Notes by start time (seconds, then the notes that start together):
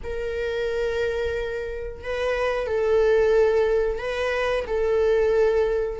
0.03 A#4
2.03 B4
2.66 A4
3.98 B4
4.67 A4